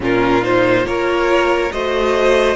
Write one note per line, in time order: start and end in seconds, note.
0.00 0.84 A#2
0.00 0.41 C#4
0.00 0.86 F4
0.00 0.44 A#4
0.41 0.84 D#4
0.41 0.86 C5
0.84 1.70 A#3
0.84 1.70 F4
0.84 1.72 A#4
0.84 1.71 C#5
1.71 2.55 A3
1.71 2.55 F#4
1.71 2.55 C5
1.71 2.55 D#5